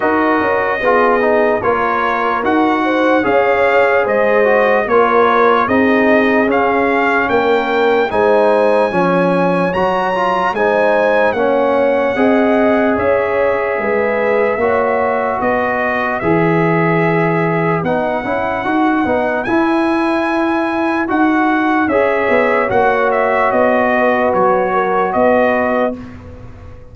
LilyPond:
<<
  \new Staff \with { instrumentName = "trumpet" } { \time 4/4 \tempo 4 = 74 dis''2 cis''4 fis''4 | f''4 dis''4 cis''4 dis''4 | f''4 g''4 gis''2 | ais''4 gis''4 fis''2 |
e''2. dis''4 | e''2 fis''2 | gis''2 fis''4 e''4 | fis''8 e''8 dis''4 cis''4 dis''4 | }
  \new Staff \with { instrumentName = "horn" } { \time 4/4 ais'4 gis'4 ais'4. c''8 | cis''4 c''4 ais'4 gis'4~ | gis'4 ais'4 c''4 cis''4~ | cis''4 c''4 cis''4 dis''4 |
cis''4 b'4 cis''4 b'4~ | b'1~ | b'2. cis''4~ | cis''4. b'4 ais'8 b'4 | }
  \new Staff \with { instrumentName = "trombone" } { \time 4/4 fis'4 f'8 dis'8 f'4 fis'4 | gis'4. fis'8 f'4 dis'4 | cis'2 dis'4 cis'4 | fis'8 f'8 dis'4 cis'4 gis'4~ |
gis'2 fis'2 | gis'2 dis'8 e'8 fis'8 dis'8 | e'2 fis'4 gis'4 | fis'1 | }
  \new Staff \with { instrumentName = "tuba" } { \time 4/4 dis'8 cis'8 b4 ais4 dis'4 | cis'4 gis4 ais4 c'4 | cis'4 ais4 gis4 f4 | fis4 gis4 ais4 c'4 |
cis'4 gis4 ais4 b4 | e2 b8 cis'8 dis'8 b8 | e'2 dis'4 cis'8 b8 | ais4 b4 fis4 b4 | }
>>